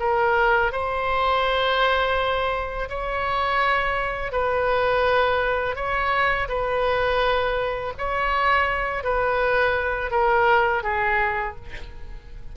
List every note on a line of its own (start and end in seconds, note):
0.00 0.72 A#4
0.72 2.89 C5
2.90 4.32 C#5
4.32 5.76 B4
5.76 6.48 C#5
6.49 7.94 B4
7.98 9.04 C#5
9.04 10.11 B4
10.11 10.84 A#4
10.84 11.56 G#4